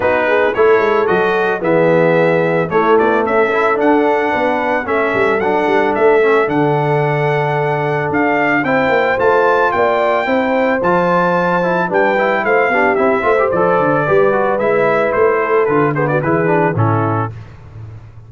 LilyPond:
<<
  \new Staff \with { instrumentName = "trumpet" } { \time 4/4 \tempo 4 = 111 b'4 cis''4 dis''4 e''4~ | e''4 cis''8 d''8 e''4 fis''4~ | fis''4 e''4 fis''4 e''4 | fis''2. f''4 |
g''4 a''4 g''2 | a''2 g''4 f''4 | e''4 d''2 e''4 | c''4 b'8 c''16 d''16 b'4 a'4 | }
  \new Staff \with { instrumentName = "horn" } { \time 4/4 fis'8 gis'8 a'2 gis'4~ | gis'4 e'4 a'2 | b'4 a'2.~ | a'1 |
c''2 d''4 c''4~ | c''2 b'4 c''8 g'8~ | g'8 c''4. b'2~ | b'8 a'4 gis'16 fis'16 gis'4 e'4 | }
  \new Staff \with { instrumentName = "trombone" } { \time 4/4 dis'4 e'4 fis'4 b4~ | b4 a4. e'8 d'4~ | d'4 cis'4 d'4. cis'8 | d'1 |
e'4 f'2 e'4 | f'4. e'8 d'8 e'4 d'8 | e'8 f'16 g'16 a'4 g'8 fis'8 e'4~ | e'4 f'8 b8 e'8 d'8 cis'4 | }
  \new Staff \with { instrumentName = "tuba" } { \time 4/4 b4 a8 gis8 fis4 e4~ | e4 a8 b8 cis'4 d'4 | b4 a8 g8 fis8 g8 a4 | d2. d'4 |
c'8 ais8 a4 ais4 c'4 | f2 g4 a8 b8 | c'8 a8 f8 d8 g4 gis4 | a4 d4 e4 a,4 | }
>>